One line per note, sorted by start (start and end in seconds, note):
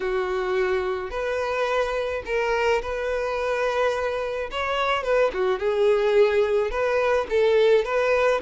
0.00 1.10 F#4
1.10 2.22 B4
2.25 2.81 A#4
2.81 4.50 B4
4.51 5.03 C#5
5.03 5.31 B4
5.33 5.59 F#4
5.59 6.70 G#4
6.70 7.26 B4
7.29 7.84 A4
7.84 8.40 B4